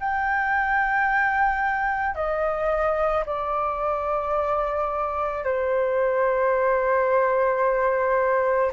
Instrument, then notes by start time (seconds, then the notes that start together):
flute
0.00 G5
2.15 D#5
3.26 D5
5.44 C5